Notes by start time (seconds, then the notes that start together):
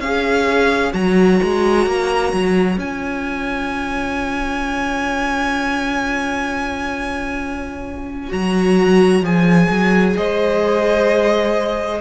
0.00 C#4 G#4 C#5 F5
0.93 F#3 F#4 A#5
1.43 G#3
1.87 A#3
2.33 F#3
2.77 C#4 F4 G#5
8.30 F#3 F#4 A#5
9.22 F3 G#4 G#5
9.70 F#3
10.17 G#3 C5 D#5